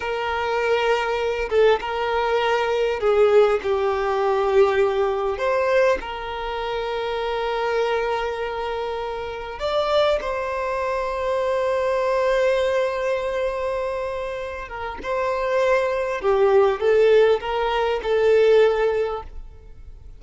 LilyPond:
\new Staff \with { instrumentName = "violin" } { \time 4/4 \tempo 4 = 100 ais'2~ ais'8 a'8 ais'4~ | ais'4 gis'4 g'2~ | g'4 c''4 ais'2~ | ais'1 |
d''4 c''2.~ | c''1~ | c''8 ais'8 c''2 g'4 | a'4 ais'4 a'2 | }